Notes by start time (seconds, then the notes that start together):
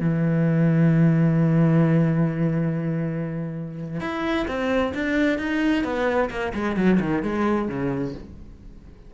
0.00 E3
4.01 E4
4.47 C4
4.94 D4
5.38 D#4
5.84 B3
6.30 A#3
6.54 G#3
6.76 F#3
7.00 D#3
7.23 G#3
7.68 C#3